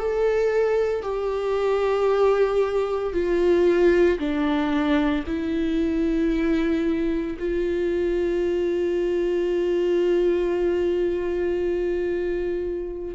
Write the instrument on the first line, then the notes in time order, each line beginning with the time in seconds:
viola
0.00 A4
1.03 G4
3.14 F4
4.19 D4
5.27 E4
7.40 F4